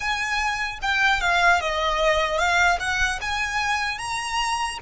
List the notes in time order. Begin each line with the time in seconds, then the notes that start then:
0.00 G#5
0.82 G5
1.20 F5
1.60 D#5
2.38 F5
2.79 F#5
3.21 G#5
3.98 A#5